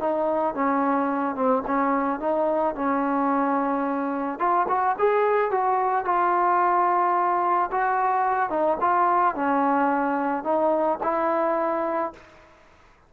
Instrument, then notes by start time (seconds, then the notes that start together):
trombone
0.00 D#4
0.55 C#4
1.35 C4
1.67 C#4
2.20 D#4
2.75 C#4
4.39 F4
4.68 F#4
4.99 G#4
5.51 F#4
6.05 F4
7.72 F#4
8.50 D#4
8.81 F4
9.35 C#4
10.44 D#4
11.03 E4